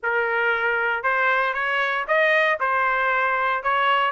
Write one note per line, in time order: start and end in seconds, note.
0.02 1.03 A#4
1.03 1.53 C5
1.53 2.05 C#5
2.07 2.59 D#5
2.60 3.63 C5
3.63 4.11 C#5